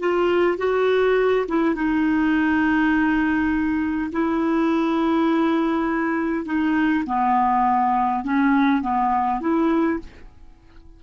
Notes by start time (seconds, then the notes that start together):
0.00 F4
0.58 F#4
1.48 E4
1.75 D#4
4.12 E4
6.46 D#4
7.07 B3
8.25 C#4
8.82 B3
9.41 E4